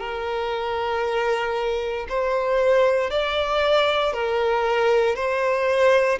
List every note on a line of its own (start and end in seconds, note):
0.00 2.07 A#4
2.09 3.10 C5
3.10 4.13 D5
4.13 5.15 A#4
5.15 6.19 C5